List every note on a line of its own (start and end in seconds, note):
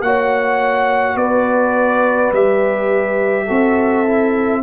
0.00 1.15 A#3
0.00 2.34 F#4
0.00 1.16 C#5
0.00 1.17 F#5
1.15 2.31 B3
1.15 3.46 B4
1.15 2.32 D5
2.32 3.47 G3
2.32 3.48 G4
2.32 4.62 E5
3.46 4.62 C4
3.46 4.05 F#4
3.46 4.61 A4
4.06 4.62 E4